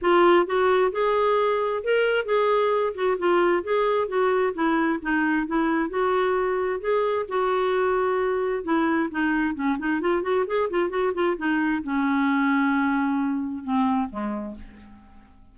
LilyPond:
\new Staff \with { instrumentName = "clarinet" } { \time 4/4 \tempo 4 = 132 f'4 fis'4 gis'2 | ais'4 gis'4. fis'8 f'4 | gis'4 fis'4 e'4 dis'4 | e'4 fis'2 gis'4 |
fis'2. e'4 | dis'4 cis'8 dis'8 f'8 fis'8 gis'8 f'8 | fis'8 f'8 dis'4 cis'2~ | cis'2 c'4 gis4 | }